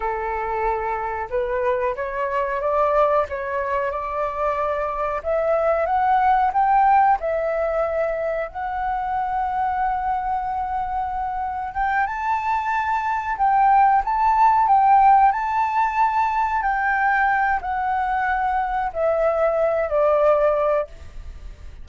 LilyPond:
\new Staff \with { instrumentName = "flute" } { \time 4/4 \tempo 4 = 92 a'2 b'4 cis''4 | d''4 cis''4 d''2 | e''4 fis''4 g''4 e''4~ | e''4 fis''2.~ |
fis''2 g''8 a''4.~ | a''8 g''4 a''4 g''4 a''8~ | a''4. g''4. fis''4~ | fis''4 e''4. d''4. | }